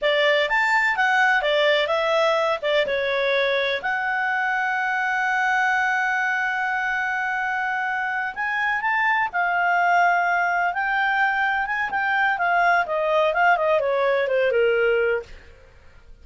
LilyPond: \new Staff \with { instrumentName = "clarinet" } { \time 4/4 \tempo 4 = 126 d''4 a''4 fis''4 d''4 | e''4. d''8 cis''2 | fis''1~ | fis''1~ |
fis''4. gis''4 a''4 f''8~ | f''2~ f''8 g''4.~ | g''8 gis''8 g''4 f''4 dis''4 | f''8 dis''8 cis''4 c''8 ais'4. | }